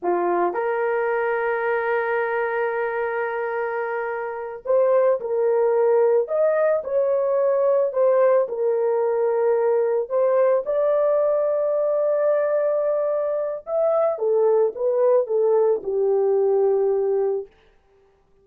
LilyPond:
\new Staff \with { instrumentName = "horn" } { \time 4/4 \tempo 4 = 110 f'4 ais'2.~ | ais'1~ | ais'8 c''4 ais'2 dis''8~ | dis''8 cis''2 c''4 ais'8~ |
ais'2~ ais'8 c''4 d''8~ | d''1~ | d''4 e''4 a'4 b'4 | a'4 g'2. | }